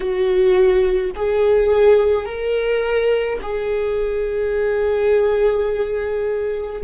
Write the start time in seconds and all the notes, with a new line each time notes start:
0.00 F#4
1.15 G#4
2.25 A#4
3.42 G#4